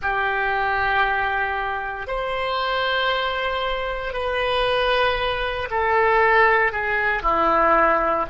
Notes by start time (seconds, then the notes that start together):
0.02 G4
2.07 C5
4.13 B4
5.70 A4
6.71 G#4
7.22 E4